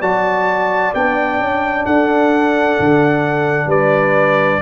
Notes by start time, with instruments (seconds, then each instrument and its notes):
0.00 tuba F#3, trombone F#4, horn D5, trumpet A5
0.94 tuba B3, trombone D4, trumpet G5
1.39 tuba C#4
1.85 tuba D4, horn A4, trumpet F#5
2.79 tuba D3
3.66 tuba G3, horn B4, trumpet D5